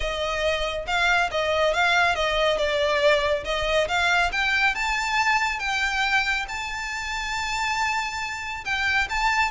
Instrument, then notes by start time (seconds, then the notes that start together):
violin
0.00 D#5
0.87 F5
1.31 D#5
1.73 F5
2.15 D#5
2.57 D5
3.44 D#5
3.88 F5
4.32 G5
4.74 A5
5.59 G5
6.48 A5
8.64 G5
9.09 A5